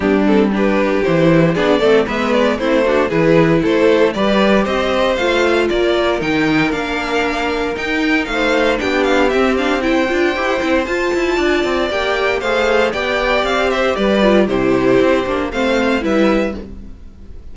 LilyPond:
<<
  \new Staff \with { instrumentName = "violin" } { \time 4/4 \tempo 4 = 116 g'8 a'8 b'4 c''4 d''4 | e''8 d''8 c''4 b'4 c''4 | d''4 dis''4 f''4 d''4 | g''4 f''2 g''4 |
f''4 g''8 f''8 e''8 f''8 g''4~ | g''4 a''2 g''4 | f''4 g''4 f''8 e''8 d''4 | c''2 f''4 e''4 | }
  \new Staff \with { instrumentName = "violin" } { \time 4/4 d'4 g'2 gis'8 a'8 | b'4 e'8 fis'8 gis'4 a'4 | b'4 c''2 ais'4~ | ais'1 |
c''4 g'2 c''4~ | c''2 d''2 | c''4 d''4. c''8 b'4 | g'2 c''4 b'4 | }
  \new Staff \with { instrumentName = "viola" } { \time 4/4 b8 c'8 d'4 e'4 d'8 c'8 | b4 c'8 d'8 e'2 | g'2 f'2 | dis'4 d'2 dis'4~ |
dis'4 d'4 c'8 d'8 e'8 f'8 | g'8 e'8 f'2 g'4 | gis'4 g'2~ g'8 f'8 | e'4. d'8 c'4 e'4 | }
  \new Staff \with { instrumentName = "cello" } { \time 4/4 g2 e4 b8 a8 | gis4 a4 e4 a4 | g4 c'4 a4 ais4 | dis4 ais2 dis'4 |
a4 b4 c'4. d'8 | e'8 c'8 f'8 e'8 d'8 c'8 ais4 | a4 b4 c'4 g4 | c4 c'8 ais8 a4 g4 | }
>>